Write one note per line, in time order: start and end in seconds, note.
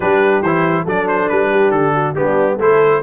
0.00 0.41 G3
0.00 0.44 D4
0.00 0.84 G4
0.00 0.42 B4
0.41 0.84 E3
0.41 0.86 E4
0.41 0.85 C5
0.84 1.29 F#3
0.84 2.16 D4
0.84 1.48 A4
0.84 1.08 D5
1.08 1.28 C5
1.28 1.71 G3
1.28 1.71 B4
1.51 1.93 G4
1.71 2.14 D3
1.71 2.14 A4
1.93 2.15 F#4
2.15 2.58 G3
2.15 2.59 B3
2.15 2.56 D4
2.15 2.58 G4
2.56 3.02 A3
2.56 3.02 E4
2.56 2.99 A4
2.56 3.02 C5